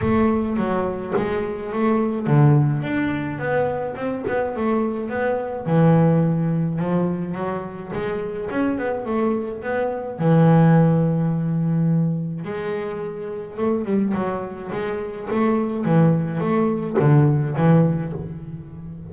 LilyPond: \new Staff \with { instrumentName = "double bass" } { \time 4/4 \tempo 4 = 106 a4 fis4 gis4 a4 | d4 d'4 b4 c'8 b8 | a4 b4 e2 | f4 fis4 gis4 cis'8 b8 |
a4 b4 e2~ | e2 gis2 | a8 g8 fis4 gis4 a4 | e4 a4 d4 e4 | }